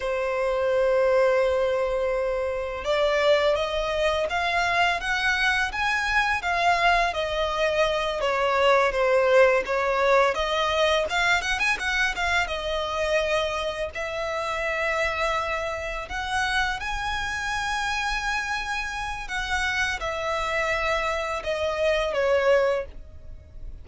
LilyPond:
\new Staff \with { instrumentName = "violin" } { \time 4/4 \tempo 4 = 84 c''1 | d''4 dis''4 f''4 fis''4 | gis''4 f''4 dis''4. cis''8~ | cis''8 c''4 cis''4 dis''4 f''8 |
fis''16 gis''16 fis''8 f''8 dis''2 e''8~ | e''2~ e''8 fis''4 gis''8~ | gis''2. fis''4 | e''2 dis''4 cis''4 | }